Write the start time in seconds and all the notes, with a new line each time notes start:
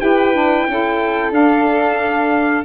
0.00 E4 G4 B4 G5
0.33 D4
0.68 C#4 E4 A4
1.31 D4 F5